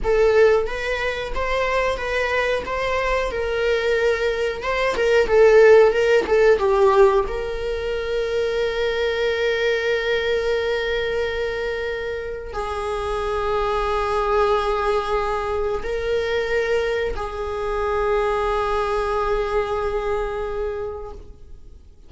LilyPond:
\new Staff \with { instrumentName = "viola" } { \time 4/4 \tempo 4 = 91 a'4 b'4 c''4 b'4 | c''4 ais'2 c''8 ais'8 | a'4 ais'8 a'8 g'4 ais'4~ | ais'1~ |
ais'2. gis'4~ | gis'1 | ais'2 gis'2~ | gis'1 | }